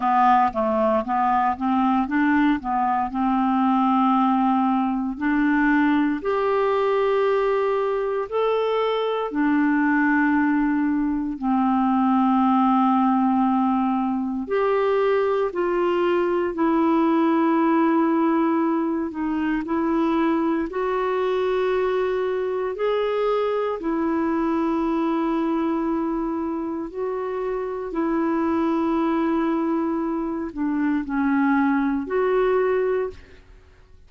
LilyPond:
\new Staff \with { instrumentName = "clarinet" } { \time 4/4 \tempo 4 = 58 b8 a8 b8 c'8 d'8 b8 c'4~ | c'4 d'4 g'2 | a'4 d'2 c'4~ | c'2 g'4 f'4 |
e'2~ e'8 dis'8 e'4 | fis'2 gis'4 e'4~ | e'2 fis'4 e'4~ | e'4. d'8 cis'4 fis'4 | }